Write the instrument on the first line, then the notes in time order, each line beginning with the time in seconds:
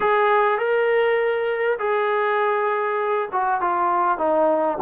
trombone
0.00 G#4
0.58 A#4
1.78 G#4
3.32 F#4
3.61 F4
4.18 D#4